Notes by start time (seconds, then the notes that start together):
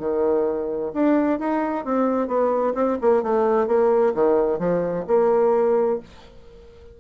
0.00 D#3
0.94 D4
1.40 D#4
1.85 C4
2.28 B3
2.75 C4
3.02 A#3
3.23 A3
3.68 A#3
4.15 D#3
4.59 F3
5.07 A#3